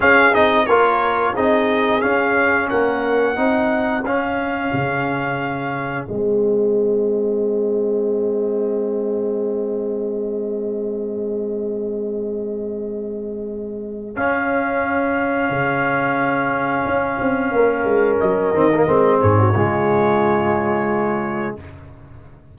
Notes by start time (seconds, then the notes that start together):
0.00 C#4 G#4 F5
0.32 C4 D#4 D#5
0.66 A#3 F4 A#4 C#5
1.33 C4 D#4 G#4 D#5
2.01 C#4 F5
2.69 A#3 A#4 F#5
3.36 C4 D#4 G#4
4.04 C#4 F5
4.72 C#3
6.05 G#3 C4 D#5
14.16 C#4 F5
15.50 C#3
16.85 C#4
17.19 C4
17.51 A#3 A#4
17.84 G#3
18.20 F#3 D#5
18.53 D#3 C4
18.73 A#3
18.86 G#3 C4
19.21 G#2 G#4 C#5
19.39 F#4
19.55 C#3 G#3 F4